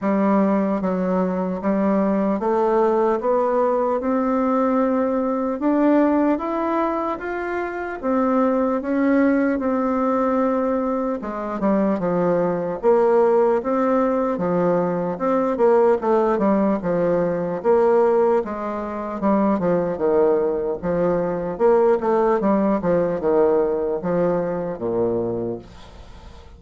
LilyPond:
\new Staff \with { instrumentName = "bassoon" } { \time 4/4 \tempo 4 = 75 g4 fis4 g4 a4 | b4 c'2 d'4 | e'4 f'4 c'4 cis'4 | c'2 gis8 g8 f4 |
ais4 c'4 f4 c'8 ais8 | a8 g8 f4 ais4 gis4 | g8 f8 dis4 f4 ais8 a8 | g8 f8 dis4 f4 ais,4 | }